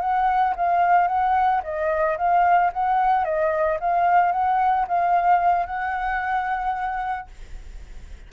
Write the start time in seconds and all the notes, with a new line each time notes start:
0.00 F#5
0.56 F5
1.07 F#5
1.63 D#5
2.17 F5
2.72 F#5
3.24 D#5
3.80 F5
4.32 F#5
4.87 F5
5.66 F#5